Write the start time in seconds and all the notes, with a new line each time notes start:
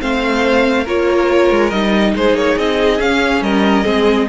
0.00 A3 C4 C5 F5
0.84 A#3 F4 A#4 C#5
1.51 G#3
1.71 G3 D#4 D#5
2.16 G#3 G#4 C5
2.34 A#3 C#5
2.58 C4 D#5
2.99 C#4 F5
3.42 G3 A#4 D#5
3.85 G#3 C4 G#4